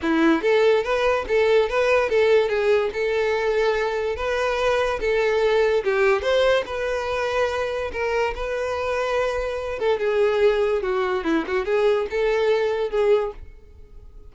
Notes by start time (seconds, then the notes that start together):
0.02 E4
0.41 A4
0.83 B4
1.28 A4
1.69 B4
2.09 A4
2.48 G#4
2.93 A4
4.16 B4
5.00 A4
5.83 G4
6.22 C5
6.66 B4
7.92 A#4
8.35 B4
9.79 A4
9.99 G#4
10.82 F#4
11.24 E4
11.47 F#4
11.65 G#4
12.10 A4
12.90 G#4